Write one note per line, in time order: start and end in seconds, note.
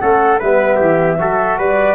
0.00 0.41 A3
0.00 0.40 C#4
0.00 0.40 A4
0.00 0.39 F#5
0.40 0.81 G3
0.40 1.19 B3
0.40 0.77 B4
0.40 1.60 E5
0.77 1.20 E3
0.77 1.16 G4
1.19 1.59 F#3
1.19 1.96 F#4
1.19 1.59 A4
1.59 1.96 G3
1.59 1.96 B4
1.59 1.96 D5